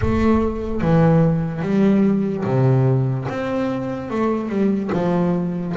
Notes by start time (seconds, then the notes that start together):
0.01 A3
0.81 E3
1.62 G3
2.44 C3
3.28 C4
4.10 A3
4.49 G3
4.92 F3